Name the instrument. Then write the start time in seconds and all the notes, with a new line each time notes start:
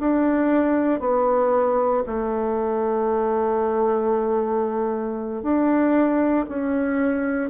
bassoon
0.00 D4
1.00 B3
2.06 A3
5.42 D4
6.48 C#4